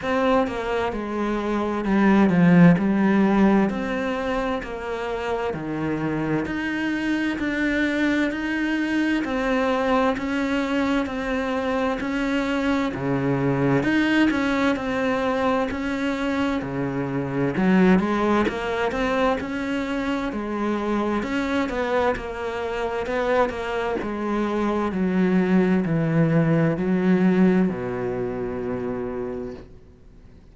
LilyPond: \new Staff \with { instrumentName = "cello" } { \time 4/4 \tempo 4 = 65 c'8 ais8 gis4 g8 f8 g4 | c'4 ais4 dis4 dis'4 | d'4 dis'4 c'4 cis'4 | c'4 cis'4 cis4 dis'8 cis'8 |
c'4 cis'4 cis4 fis8 gis8 | ais8 c'8 cis'4 gis4 cis'8 b8 | ais4 b8 ais8 gis4 fis4 | e4 fis4 b,2 | }